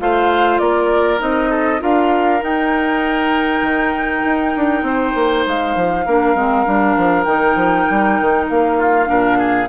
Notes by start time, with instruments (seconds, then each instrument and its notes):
0.00 bassoon A3, clarinet F4, oboe C5, flute F5
0.59 bassoon A#3, oboe A#4, flute D5
1.19 bassoon C4, clarinet D#4, flute D#5
1.50 oboe A4
1.80 bassoon D4, clarinet F4, oboe A#4, flute F5
2.41 clarinet D#4, bassoon D#4, flute G5
3.62 bassoon D#3
4.25 bassoon D#4
4.56 bassoon D4
4.83 bassoon C4, oboe C5
5.16 bassoon A#3
5.47 bassoon G#3, flute F5
5.76 bassoon F3
6.06 bassoon A#3, clarinet D4, oboe A#4
6.35 bassoon G#3, clarinet C4
6.66 bassoon G3, clarinet D4
6.97 bassoon F3
7.24 bassoon D#3, clarinet D#4, flute G5
7.56 bassoon F3
7.90 bassoon G3
8.21 bassoon D#3
8.49 bassoon A#3, flute F5
8.78 oboe F4
9.06 bassoon A#2, clarinet D4, oboe A#4
9.38 oboe G#4